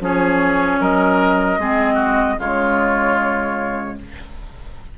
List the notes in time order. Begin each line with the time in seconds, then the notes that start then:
0.00 F3 C#4 G#4 C#5
0.80 F#3 A#4 D#5
1.58 G#3 C4 G#4
1.94 F#4
2.38 C#3 G#3 F4 C#5